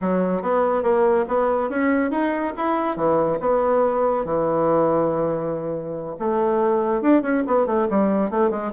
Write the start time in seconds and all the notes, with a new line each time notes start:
0.01 F#3
0.42 B3
0.82 A#3
1.28 B3
1.69 C#4
2.10 D#4
2.56 E4
2.96 E3
3.40 B3
4.25 E3
6.19 A3
7.01 D4
7.22 C#4
7.46 B3
7.66 A3
7.90 G3
8.30 A3
8.50 G#3